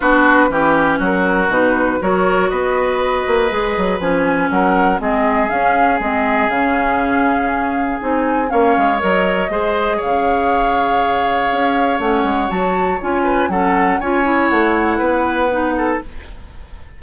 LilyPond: <<
  \new Staff \with { instrumentName = "flute" } { \time 4/4 \tempo 4 = 120 b'2 ais'4 b'4 | cis''4 dis''2. | gis''4 fis''4 dis''4 f''4 | dis''4 f''2. |
gis''4 f''4 dis''2 | f''1 | fis''4 a''4 gis''4 fis''4 | gis''4 fis''2. | }
  \new Staff \with { instrumentName = "oboe" } { \time 4/4 fis'4 g'4 fis'2 | ais'4 b'2.~ | b'4 ais'4 gis'2~ | gis'1~ |
gis'4 cis''2 c''4 | cis''1~ | cis''2~ cis''8 b'8 a'4 | cis''2 b'4. a'8 | }
  \new Staff \with { instrumentName = "clarinet" } { \time 4/4 d'4 cis'2 dis'4 | fis'2. gis'4 | cis'2 c'4 cis'4 | c'4 cis'2. |
dis'4 cis'4 ais'4 gis'4~ | gis'1 | cis'4 fis'4 f'4 cis'4 | f'8 e'2~ e'8 dis'4 | }
  \new Staff \with { instrumentName = "bassoon" } { \time 4/4 b4 e4 fis4 b,4 | fis4 b4. ais8 gis8 fis8 | f4 fis4 gis4 cis'4 | gis4 cis2. |
c'4 ais8 gis8 fis4 gis4 | cis2. cis'4 | a8 gis8 fis4 cis'4 fis4 | cis'4 a4 b2 | }
>>